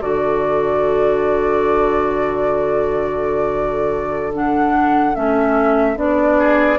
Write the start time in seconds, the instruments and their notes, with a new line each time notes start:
0.00 bassoon D3, clarinet F#4, oboe A4, flute D5
4.32 clarinet D4, flute F#5
5.14 bassoon A3, clarinet C#4, flute E5
5.96 bassoon B3, clarinet D4, flute D5
6.38 oboe G#4